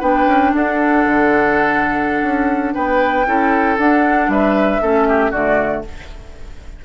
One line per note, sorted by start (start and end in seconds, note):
0.00 0.27 B3
0.00 3.25 D4
0.00 0.52 B4
0.00 0.54 G5
0.27 0.52 C#4
0.55 1.06 D4
0.55 2.75 A4
0.55 2.74 F#5
1.06 2.23 D3
2.23 2.74 C#4
2.74 3.26 B3
2.74 3.26 B4
2.74 3.78 G5
3.26 3.78 C#4
3.26 3.78 E4
3.26 4.31 A4
3.78 4.28 D4
3.78 4.81 D4
3.78 4.30 F#5
4.28 4.80 G3
4.28 4.82 B4
4.28 5.33 E5
4.81 5.32 A3
4.81 5.33 C#4
4.81 5.08 A4
5.09 5.31 G4
5.31 5.84 D3
5.31 5.85 A3
5.31 5.83 F#4
5.31 5.84 D5